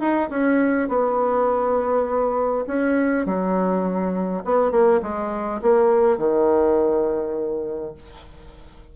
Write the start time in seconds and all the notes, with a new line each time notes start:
0.00 D#4
0.30 C#4
0.89 B3
2.67 C#4
3.26 F#3
4.44 B3
4.71 A#3
5.02 G#3
5.62 A#3
6.18 D#3